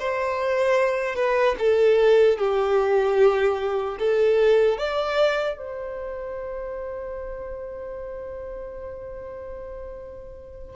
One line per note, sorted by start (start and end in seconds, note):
0.00 1.16 C5
1.16 1.56 B4
1.59 2.38 A4
2.38 3.98 G4
3.99 4.78 A4
4.78 5.58 D5
5.58 10.76 C5